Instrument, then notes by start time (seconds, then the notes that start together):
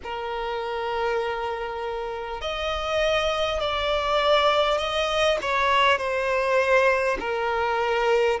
violin
0.03 A#4
2.41 D#5
3.60 D5
4.78 D#5
5.41 C#5
5.97 C5
7.19 A#4